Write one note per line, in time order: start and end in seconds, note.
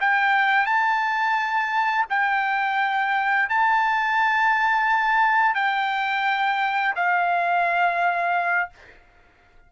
0.00 0.66 G5
0.66 2.05 A5
2.09 3.49 G5
3.49 5.54 A5
5.54 6.94 G5
6.95 8.70 F5